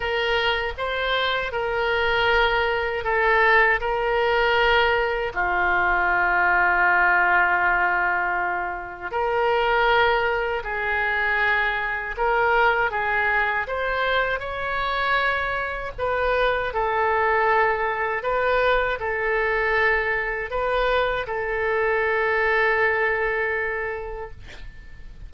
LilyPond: \new Staff \with { instrumentName = "oboe" } { \time 4/4 \tempo 4 = 79 ais'4 c''4 ais'2 | a'4 ais'2 f'4~ | f'1 | ais'2 gis'2 |
ais'4 gis'4 c''4 cis''4~ | cis''4 b'4 a'2 | b'4 a'2 b'4 | a'1 | }